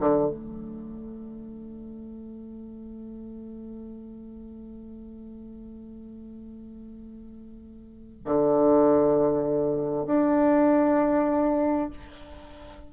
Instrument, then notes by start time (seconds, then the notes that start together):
bassoon
0.00 D3
0.30 A3
8.25 D3
10.06 D4